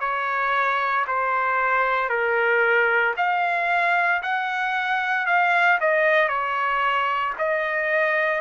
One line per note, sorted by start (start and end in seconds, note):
0.00 1.05 C#5
1.07 2.09 C5
2.09 3.14 A#4
3.17 4.22 F5
4.22 5.26 F#5
5.26 5.78 F5
5.80 6.28 D#5
6.28 7.33 C#5
7.38 8.41 D#5